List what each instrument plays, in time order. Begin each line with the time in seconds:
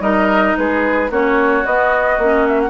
0.00 bassoon G3, clarinet D#4, oboe A#4, flute D#5
0.57 bassoon G#3, oboe G#4, flute B4
1.10 bassoon A#3, clarinet C#4, oboe F#4, flute C#5
1.65 bassoon B3, clarinet B3, flute D#5
2.18 bassoon A#3, clarinet C#4
2.48 flute E5
2.61 flute F#5